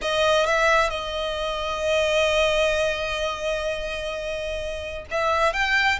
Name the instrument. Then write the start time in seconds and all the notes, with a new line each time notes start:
violin
0.01 D#5
0.46 E5
0.89 D#5
5.10 E5
5.53 G5